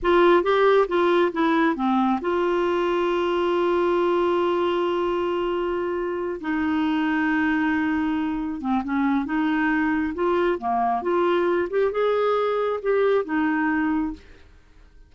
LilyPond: \new Staff \with { instrumentName = "clarinet" } { \time 4/4 \tempo 4 = 136 f'4 g'4 f'4 e'4 | c'4 f'2.~ | f'1~ | f'2~ f'8 dis'4.~ |
dis'2.~ dis'8 c'8 | cis'4 dis'2 f'4 | ais4 f'4. g'8 gis'4~ | gis'4 g'4 dis'2 | }